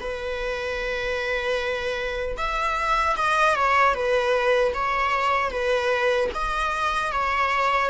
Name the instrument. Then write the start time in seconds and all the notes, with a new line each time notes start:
viola
0.00 B4
2.37 E5
3.17 D#5
3.56 C#5
3.94 B4
4.74 C#5
5.51 B4
6.34 D#5
7.12 C#5